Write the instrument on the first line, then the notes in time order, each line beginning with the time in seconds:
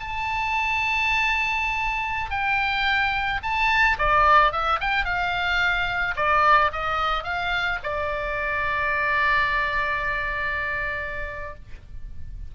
oboe
0.00 A5
2.30 G5
3.43 A5
3.99 D5
4.52 E5
4.81 G5
5.05 F5
6.16 D5
6.72 D#5
7.24 F5
7.83 D5